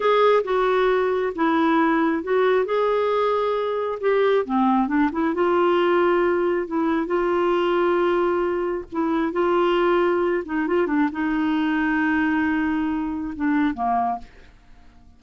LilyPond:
\new Staff \with { instrumentName = "clarinet" } { \time 4/4 \tempo 4 = 135 gis'4 fis'2 e'4~ | e'4 fis'4 gis'2~ | gis'4 g'4 c'4 d'8 e'8 | f'2. e'4 |
f'1 | e'4 f'2~ f'8 dis'8 | f'8 d'8 dis'2.~ | dis'2 d'4 ais4 | }